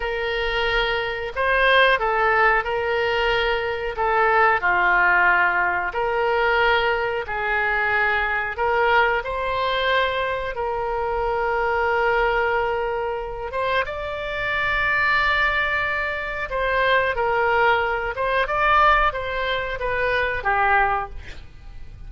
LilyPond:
\new Staff \with { instrumentName = "oboe" } { \time 4/4 \tempo 4 = 91 ais'2 c''4 a'4 | ais'2 a'4 f'4~ | f'4 ais'2 gis'4~ | gis'4 ais'4 c''2 |
ais'1~ | ais'8 c''8 d''2.~ | d''4 c''4 ais'4. c''8 | d''4 c''4 b'4 g'4 | }